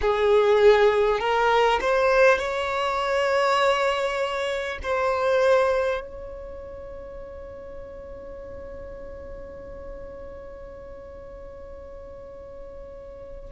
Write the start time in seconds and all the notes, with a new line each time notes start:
0.01 G#4
1.19 A#4
1.81 C5
2.38 C#5
4.83 C5
6.00 C#5